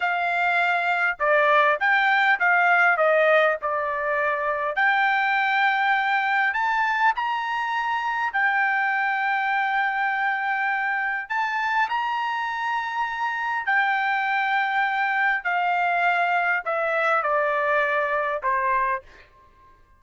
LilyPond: \new Staff \with { instrumentName = "trumpet" } { \time 4/4 \tempo 4 = 101 f''2 d''4 g''4 | f''4 dis''4 d''2 | g''2. a''4 | ais''2 g''2~ |
g''2. a''4 | ais''2. g''4~ | g''2 f''2 | e''4 d''2 c''4 | }